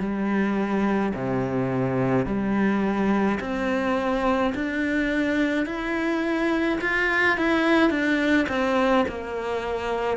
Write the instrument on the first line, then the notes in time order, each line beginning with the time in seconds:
cello
0.00 G3
1.14 C3
2.26 G3
3.40 C4
4.55 D4
5.66 E4
6.81 F4
7.37 E4
7.90 D4
8.49 C4
9.08 A#3